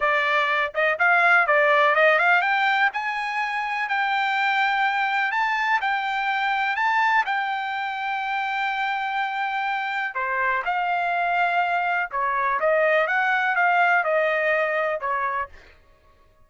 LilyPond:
\new Staff \with { instrumentName = "trumpet" } { \time 4/4 \tempo 4 = 124 d''4. dis''8 f''4 d''4 | dis''8 f''8 g''4 gis''2 | g''2. a''4 | g''2 a''4 g''4~ |
g''1~ | g''4 c''4 f''2~ | f''4 cis''4 dis''4 fis''4 | f''4 dis''2 cis''4 | }